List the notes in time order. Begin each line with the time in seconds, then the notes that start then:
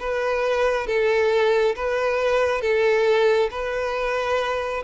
0.00 B4
0.87 A4
1.76 B4
2.62 A4
3.51 B4